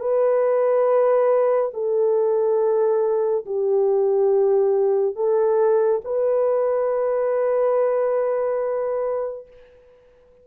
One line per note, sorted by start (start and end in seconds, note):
0.00 1.71 B4
1.74 3.46 A4
3.46 5.16 G4
5.16 6.02 A4
6.05 9.48 B4